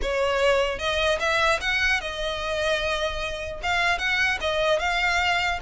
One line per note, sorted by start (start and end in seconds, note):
0.02 0.78 C#5
0.78 1.18 D#5
1.19 1.59 E5
1.61 2.00 F#5
2.00 3.60 D#5
3.62 3.98 F5
3.98 4.38 F#5
4.40 4.79 D#5
4.79 5.59 F5